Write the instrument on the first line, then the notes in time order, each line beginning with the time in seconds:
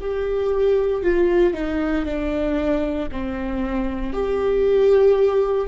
viola
0.00 G4
1.03 F4
1.53 D#4
2.05 D4
3.11 C4
4.13 G4